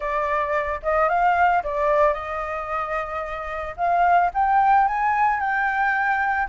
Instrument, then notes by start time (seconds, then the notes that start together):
flute
0.00 D5
0.82 D#5
1.08 F5
1.63 D5
2.13 D#5
3.76 F5
4.34 G5
4.87 G#5
5.40 G5